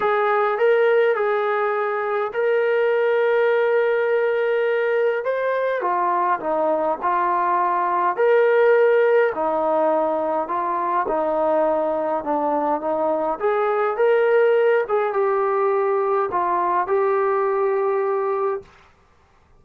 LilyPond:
\new Staff \with { instrumentName = "trombone" } { \time 4/4 \tempo 4 = 103 gis'4 ais'4 gis'2 | ais'1~ | ais'4 c''4 f'4 dis'4 | f'2 ais'2 |
dis'2 f'4 dis'4~ | dis'4 d'4 dis'4 gis'4 | ais'4. gis'8 g'2 | f'4 g'2. | }